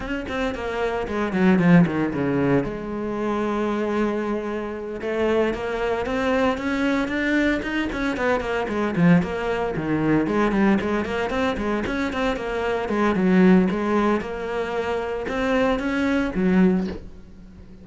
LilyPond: \new Staff \with { instrumentName = "cello" } { \time 4/4 \tempo 4 = 114 cis'8 c'8 ais4 gis8 fis8 f8 dis8 | cis4 gis2.~ | gis4. a4 ais4 c'8~ | c'8 cis'4 d'4 dis'8 cis'8 b8 |
ais8 gis8 f8 ais4 dis4 gis8 | g8 gis8 ais8 c'8 gis8 cis'8 c'8 ais8~ | ais8 gis8 fis4 gis4 ais4~ | ais4 c'4 cis'4 fis4 | }